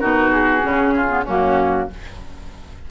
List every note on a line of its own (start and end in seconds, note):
0.00 0.64 B2
0.00 0.61 D#4
0.00 0.94 F#4
0.00 0.31 A#4
0.32 1.25 G#4
0.61 1.27 C#3
0.61 1.08 C#4
0.96 1.24 F4
1.09 1.24 B3
1.24 1.90 F#2
1.24 1.90 A#3
1.24 1.87 C#4
1.24 1.90 F#4